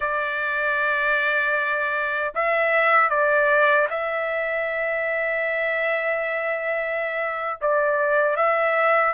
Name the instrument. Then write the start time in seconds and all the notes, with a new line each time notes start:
trumpet
0.00 D5
2.34 E5
3.09 D5
3.90 E5
7.61 D5
8.36 E5